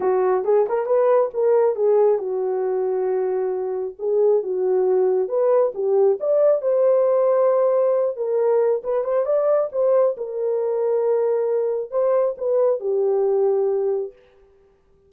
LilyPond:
\new Staff \with { instrumentName = "horn" } { \time 4/4 \tempo 4 = 136 fis'4 gis'8 ais'8 b'4 ais'4 | gis'4 fis'2.~ | fis'4 gis'4 fis'2 | b'4 g'4 d''4 c''4~ |
c''2~ c''8 ais'4. | b'8 c''8 d''4 c''4 ais'4~ | ais'2. c''4 | b'4 g'2. | }